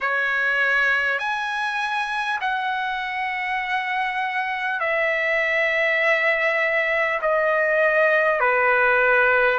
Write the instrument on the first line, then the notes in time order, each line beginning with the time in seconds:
trumpet
0.01 C#5
1.18 G#5
2.40 F#5
4.79 E5
7.21 D#5
8.40 B4